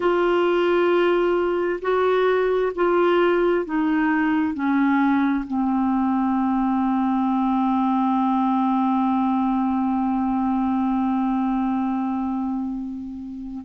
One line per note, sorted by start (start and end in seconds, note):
0.00 1.80 F4
1.81 2.72 F#4
2.75 3.65 F4
3.65 4.53 D#4
4.53 5.44 C#4
5.47 13.65 C4